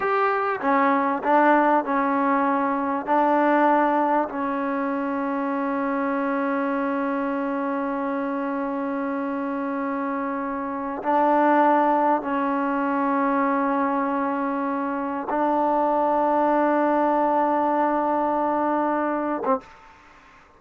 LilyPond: \new Staff \with { instrumentName = "trombone" } { \time 4/4 \tempo 4 = 98 g'4 cis'4 d'4 cis'4~ | cis'4 d'2 cis'4~ | cis'1~ | cis'1~ |
cis'2 d'2 | cis'1~ | cis'4 d'2.~ | d'2.~ d'8. c'16 | }